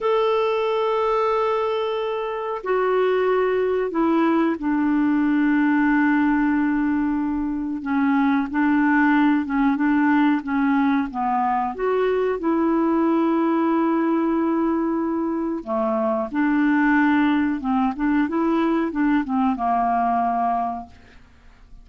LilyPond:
\new Staff \with { instrumentName = "clarinet" } { \time 4/4 \tempo 4 = 92 a'1 | fis'2 e'4 d'4~ | d'1 | cis'4 d'4. cis'8 d'4 |
cis'4 b4 fis'4 e'4~ | e'1 | a4 d'2 c'8 d'8 | e'4 d'8 c'8 ais2 | }